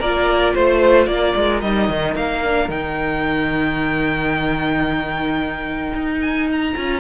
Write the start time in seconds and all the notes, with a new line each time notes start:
0.00 A#3 F4 A#4 D5
0.55 A3 C5
1.07 A#3 A#4 D5
1.36 G#3
1.61 G3 D#4 D#5
1.89 D#3
2.16 A#3 F5
2.43 D4
2.69 D#3 D#4 G5
5.94 D#4
6.21 G#5
6.53 A#5
6.74 C#4 F4